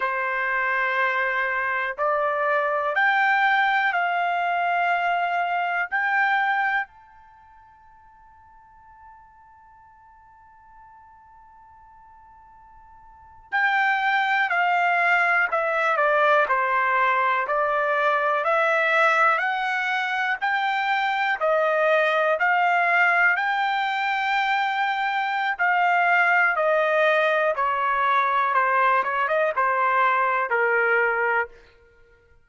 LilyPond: \new Staff \with { instrumentName = "trumpet" } { \time 4/4 \tempo 4 = 61 c''2 d''4 g''4 | f''2 g''4 a''4~ | a''1~ | a''4.~ a''16 g''4 f''4 e''16~ |
e''16 d''8 c''4 d''4 e''4 fis''16~ | fis''8. g''4 dis''4 f''4 g''16~ | g''2 f''4 dis''4 | cis''4 c''8 cis''16 dis''16 c''4 ais'4 | }